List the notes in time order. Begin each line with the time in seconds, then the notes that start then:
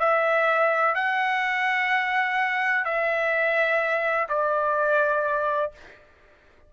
0.00 E5
0.95 F#5
2.85 E5
4.29 D5